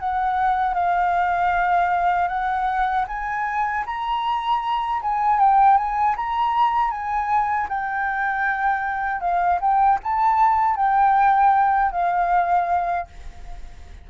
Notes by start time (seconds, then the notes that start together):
0.00 F#5
0.74 F5
2.28 F#5
3.08 G#5
3.86 A#5
5.02 G#5
5.39 G5
5.77 G#5
6.16 A#5
6.91 G#5
7.69 G5
9.21 F5
9.61 G5
10.03 A5
10.76 G5
11.92 F5